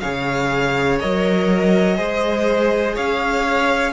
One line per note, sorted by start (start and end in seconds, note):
0.00 1.03 C#3
0.00 1.00 G#4
0.00 1.97 C#5
0.00 0.98 F5
0.99 1.98 F#3
0.99 1.95 A#4
0.99 2.96 D#5
1.95 2.97 G#3
1.95 3.92 G#4
1.95 2.94 C5
2.94 3.93 C#4
2.94 3.93 C#5
2.94 3.93 F5